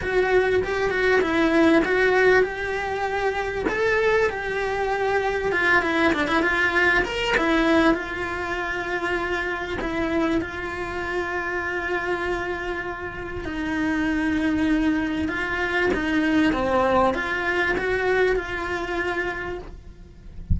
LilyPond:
\new Staff \with { instrumentName = "cello" } { \time 4/4 \tempo 4 = 98 fis'4 g'8 fis'8 e'4 fis'4 | g'2 a'4 g'4~ | g'4 f'8 e'8 d'16 e'16 f'4 ais'8 | e'4 f'2. |
e'4 f'2.~ | f'2 dis'2~ | dis'4 f'4 dis'4 c'4 | f'4 fis'4 f'2 | }